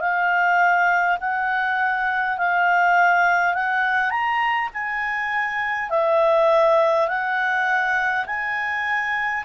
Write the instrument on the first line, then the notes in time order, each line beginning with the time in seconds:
clarinet
0.00 F5
1.20 F#5
2.37 F5
3.53 F#5
4.10 A#5
4.73 G#5
5.90 E5
7.07 F#5
8.26 G#5